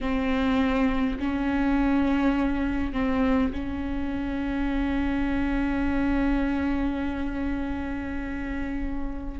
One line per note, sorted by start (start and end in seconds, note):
0.00 1.18 C4
1.19 2.93 C#4
2.93 3.51 C4
3.52 9.40 C#4